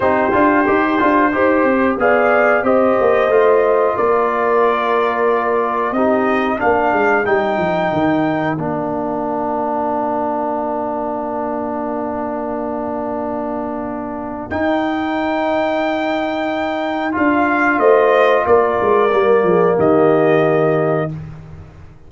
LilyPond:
<<
  \new Staff \with { instrumentName = "trumpet" } { \time 4/4 \tempo 4 = 91 c''2. f''4 | dis''2 d''2~ | d''4 dis''4 f''4 g''4~ | g''4 f''2.~ |
f''1~ | f''2 g''2~ | g''2 f''4 dis''4 | d''2 dis''2 | }
  \new Staff \with { instrumentName = "horn" } { \time 4/4 g'2 c''4 d''4 | c''2 ais'2~ | ais'4 g'4 ais'2~ | ais'1~ |
ais'1~ | ais'1~ | ais'2. c''4 | ais'4. gis'8 g'2 | }
  \new Staff \with { instrumentName = "trombone" } { \time 4/4 dis'8 f'8 g'8 f'8 g'4 gis'4 | g'4 f'2.~ | f'4 dis'4 d'4 dis'4~ | dis'4 d'2.~ |
d'1~ | d'2 dis'2~ | dis'2 f'2~ | f'4 ais2. | }
  \new Staff \with { instrumentName = "tuba" } { \time 4/4 c'8 d'8 dis'8 d'8 dis'8 c'8 b4 | c'8 ais8 a4 ais2~ | ais4 c'4 ais8 gis8 g8 f8 | dis4 ais2.~ |
ais1~ | ais2 dis'2~ | dis'2 d'4 a4 | ais8 gis8 g8 f8 dis2 | }
>>